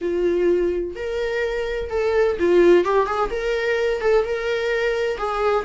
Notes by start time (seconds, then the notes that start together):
0.01 F4
0.95 A#4
1.90 A4
2.39 F4
2.84 G4
3.06 G#4
3.30 A#4
4.00 A4
4.24 A#4
5.17 G#4